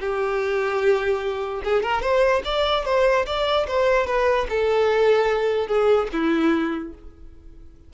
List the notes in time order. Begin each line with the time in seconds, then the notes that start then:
0.00 G4
1.64 G#4
1.83 A#4
2.02 C5
2.45 D5
2.85 C5
3.26 D5
3.67 C5
4.07 B4
4.49 A4
5.67 G#4
6.12 E4